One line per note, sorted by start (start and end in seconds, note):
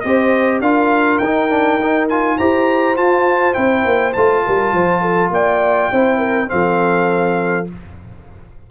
0.00 0.60 C4
0.00 0.63 G4
0.00 0.61 C5
0.00 0.59 D#5
0.60 1.19 D4
0.60 1.22 F4
0.60 2.38 A#4
0.60 1.18 F5
1.18 2.37 D#4
1.18 1.50 D#4
1.18 2.06 G5
1.50 1.79 D4
1.81 2.10 D#4
2.09 2.39 F4
2.09 2.38 G#5
2.38 2.96 E4
2.38 2.96 G4
2.38 4.44 C5
2.38 2.97 A#5
2.96 3.54 F4
2.96 3.55 F4
2.96 3.54 A5
3.54 3.85 C4
3.54 4.13 E4
3.54 4.13 G5
3.85 4.14 A#3
4.13 4.45 A3
4.13 5.93 F4
4.13 5.30 A5
4.45 4.73 G3
4.45 4.73 A#4
4.73 5.30 F3
4.73 5.01 C5
5.01 5.31 A4
5.30 5.89 A#3
5.30 5.92 D5
5.30 6.49 G5
5.92 6.51 C4
5.92 6.47 E4
5.92 6.18 C5
6.18 6.47 A#4
6.47 7.70 F3
6.47 7.65 C4
6.47 7.70 A4
6.47 7.67 F5